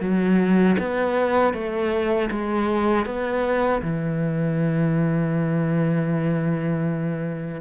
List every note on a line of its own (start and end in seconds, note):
0.00 0.76 F#3
0.78 1.53 B3
1.53 2.29 A3
2.30 3.05 G#3
3.05 3.81 B3
3.81 7.61 E3